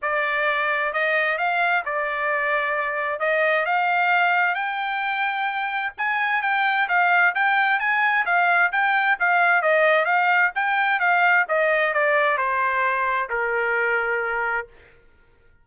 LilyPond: \new Staff \with { instrumentName = "trumpet" } { \time 4/4 \tempo 4 = 131 d''2 dis''4 f''4 | d''2. dis''4 | f''2 g''2~ | g''4 gis''4 g''4 f''4 |
g''4 gis''4 f''4 g''4 | f''4 dis''4 f''4 g''4 | f''4 dis''4 d''4 c''4~ | c''4 ais'2. | }